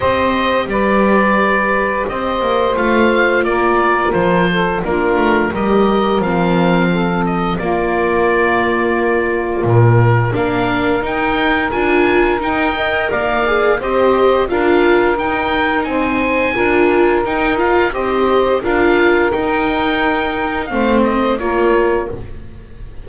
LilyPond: <<
  \new Staff \with { instrumentName = "oboe" } { \time 4/4 \tempo 4 = 87 dis''4 d''2 dis''4 | f''4 d''4 c''4 ais'4 | dis''4 f''4. dis''8 d''4~ | d''2 ais'4 f''4 |
g''4 gis''4 g''4 f''4 | dis''4 f''4 g''4 gis''4~ | gis''4 g''8 f''8 dis''4 f''4 | g''2 f''8 dis''8 cis''4 | }
  \new Staff \with { instrumentName = "saxophone" } { \time 4/4 c''4 b'2 c''4~ | c''4 ais'4. a'8 f'4 | ais'2 a'4 f'4~ | f'2. ais'4~ |
ais'2~ ais'8 dis''8 d''4 | c''4 ais'2 c''4 | ais'2 c''4 ais'4~ | ais'2 c''4 ais'4 | }
  \new Staff \with { instrumentName = "viola" } { \time 4/4 g'1 | f'2. d'4 | g'4 c'2 ais4~ | ais2. d'4 |
dis'4 f'4 dis'8 ais'4 gis'8 | g'4 f'4 dis'2 | f'4 dis'8 f'8 g'4 f'4 | dis'2 c'4 f'4 | }
  \new Staff \with { instrumentName = "double bass" } { \time 4/4 c'4 g2 c'8 ais8 | a4 ais4 f4 ais8 a8 | g4 f2 ais4~ | ais2 ais,4 ais4 |
dis'4 d'4 dis'4 ais4 | c'4 d'4 dis'4 c'4 | d'4 dis'4 c'4 d'4 | dis'2 a4 ais4 | }
>>